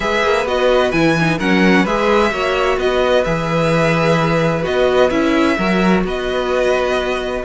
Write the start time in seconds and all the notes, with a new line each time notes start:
0.00 G#3 G#4 B4 E5
0.23 A#3
0.45 B3 F#4 D#5
0.91 E3 E4 G#5
1.20 D#4
1.37 F#3 C#4 A#4 F#5
1.83 G#3 G#4 B4 E5
2.31 A#3 F#4 C#5
2.77 B3 B4 D#5
3.24 E3 G#4 E5
4.62 B3 F#4 D#5
5.10 C#4 E4 E5
5.56 F#3 F#4 A#4
6.04 B3 B4 D#5